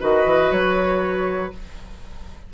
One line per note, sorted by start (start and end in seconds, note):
0.00 0.26 D#3
0.00 1.53 F#4
0.00 1.53 B4
0.00 0.52 D#5
0.26 0.51 E3
0.51 1.53 F#3
0.51 1.54 C#5